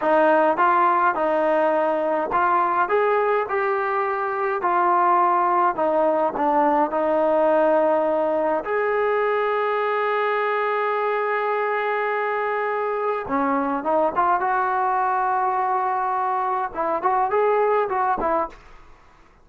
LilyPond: \new Staff \with { instrumentName = "trombone" } { \time 4/4 \tempo 4 = 104 dis'4 f'4 dis'2 | f'4 gis'4 g'2 | f'2 dis'4 d'4 | dis'2. gis'4~ |
gis'1~ | gis'2. cis'4 | dis'8 f'8 fis'2.~ | fis'4 e'8 fis'8 gis'4 fis'8 e'8 | }